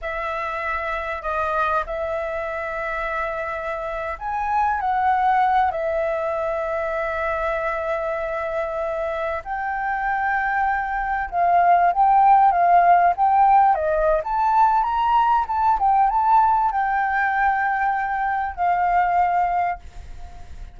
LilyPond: \new Staff \with { instrumentName = "flute" } { \time 4/4 \tempo 4 = 97 e''2 dis''4 e''4~ | e''2~ e''8. gis''4 fis''16~ | fis''4~ fis''16 e''2~ e''8.~ | e''2.~ e''16 g''8.~ |
g''2~ g''16 f''4 g''8.~ | g''16 f''4 g''4 dis''8. a''4 | ais''4 a''8 g''8 a''4 g''4~ | g''2 f''2 | }